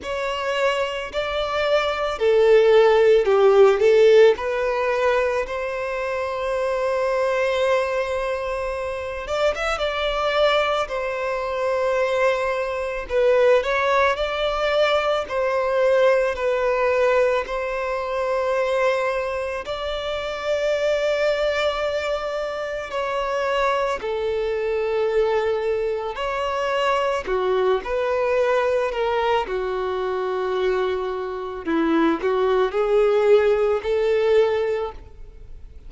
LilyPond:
\new Staff \with { instrumentName = "violin" } { \time 4/4 \tempo 4 = 55 cis''4 d''4 a'4 g'8 a'8 | b'4 c''2.~ | c''8 d''16 e''16 d''4 c''2 | b'8 cis''8 d''4 c''4 b'4 |
c''2 d''2~ | d''4 cis''4 a'2 | cis''4 fis'8 b'4 ais'8 fis'4~ | fis'4 e'8 fis'8 gis'4 a'4 | }